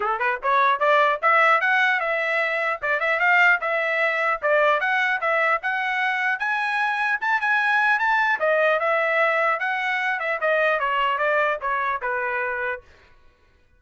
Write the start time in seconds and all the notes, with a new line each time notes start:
0.00 A4
0.19 B4
0.42 C#5
0.79 D5
1.21 E5
1.60 F#5
2.00 E5
2.81 D5
3.00 E5
3.19 F5
3.61 E5
4.41 D5
4.80 F#5
5.20 E5
5.62 F#5
6.39 G#5
7.20 A5
7.41 G#5
7.99 A5
8.39 D#5
8.79 E5
9.59 F#5
10.19 E5
10.40 D#5
10.79 C#5
11.18 D5
11.61 C#5
12.01 B4